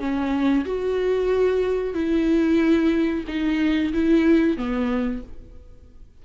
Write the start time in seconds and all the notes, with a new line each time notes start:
0.00 C#4
0.66 F#4
1.94 E4
3.28 D#4
3.93 E4
4.57 B3